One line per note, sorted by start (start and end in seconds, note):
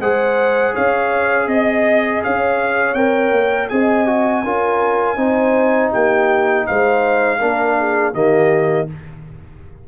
0.00 0.74 G#3
0.00 2.96 G#4
0.00 0.74 C5
0.00 0.75 F#5
0.74 1.47 C#4
0.74 1.48 C#5
0.74 1.48 F5
1.47 2.21 C4
1.47 2.22 D#5
2.24 2.95 C#4
2.24 3.73 C#5
2.24 2.94 F5
2.94 3.31 C4
2.94 3.70 A#4
2.94 3.69 G5
3.31 3.69 A#3
3.69 4.44 C4
3.69 4.07 G#4
3.69 4.44 D#5
3.69 5.92 G#5
4.07 4.44 F#4
4.44 5.17 C#4
4.44 5.17 F4
4.44 5.18 A#4
5.17 5.91 C4
5.17 7.39 D#4
5.17 5.92 C5
5.92 6.69 A#3
5.92 6.66 G4
5.92 6.67 G5
6.67 7.42 G#3
6.67 7.39 C5
6.67 8.14 F5
7.39 8.14 A#3
7.39 8.14 D4
7.39 7.76 A#4
7.79 8.15 G#4
8.14 8.88 D#3
8.14 8.88 A#3
8.14 8.89 G4
8.14 8.88 D#5